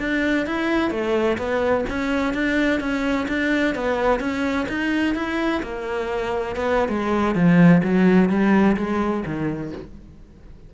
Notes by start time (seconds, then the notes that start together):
0.00 D4
0.47 E4
0.91 A3
1.38 B3
1.90 C#4
2.34 D4
2.81 C#4
3.29 D4
3.75 B3
4.20 C#4
4.69 D#4
5.15 E4
5.63 A#3
6.56 B3
6.89 G#3
7.36 F3
7.84 F#3
8.30 G3
8.77 G#3
9.26 D#3